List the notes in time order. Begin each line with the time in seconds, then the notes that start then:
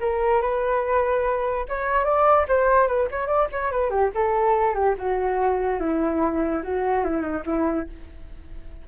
0.00 A#4
0.41 B4
1.69 C#5
2.04 D5
2.48 C5
2.87 B4
3.11 C#5
3.27 D5
3.52 C#5
3.71 B4
3.90 G4
4.14 A4
4.75 G4
4.98 F#4
5.80 E4
6.63 F#4
7.04 E4
7.22 D#4
7.46 E4